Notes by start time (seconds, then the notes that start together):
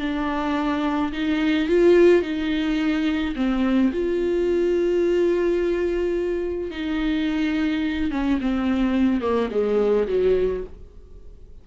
0.00 D4
1.13 D#4
1.69 F4
2.23 D#4
3.36 C4
3.93 F4
6.71 D#4
8.12 C#4
8.41 C4
9.22 A#3
9.51 G#3
10.08 F#3